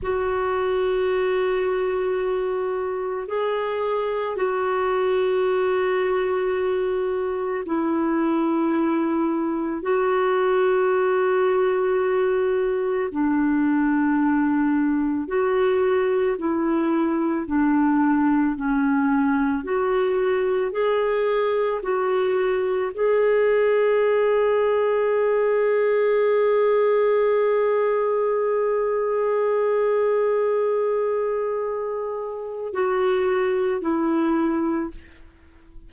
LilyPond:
\new Staff \with { instrumentName = "clarinet" } { \time 4/4 \tempo 4 = 55 fis'2. gis'4 | fis'2. e'4~ | e'4 fis'2. | d'2 fis'4 e'4 |
d'4 cis'4 fis'4 gis'4 | fis'4 gis'2.~ | gis'1~ | gis'2 fis'4 e'4 | }